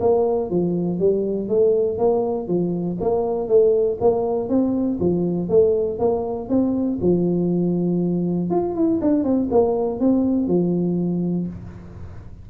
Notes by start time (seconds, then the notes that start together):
0.00 A#3
0.50 F3
0.99 G3
1.48 A3
1.98 A#3
2.47 F3
3.00 A#3
3.48 A3
4.00 A#3
4.49 C4
5.00 F3
5.49 A3
5.99 A#3
6.49 C4
7.01 F3
8.50 F4
8.75 E4
9.01 D4
9.24 C4
9.50 A#3
10.00 C4
10.47 F3